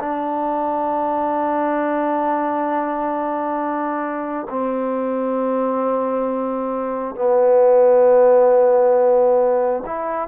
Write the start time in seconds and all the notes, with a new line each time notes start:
0.00 D4
4.50 C4
7.16 B3
9.86 E4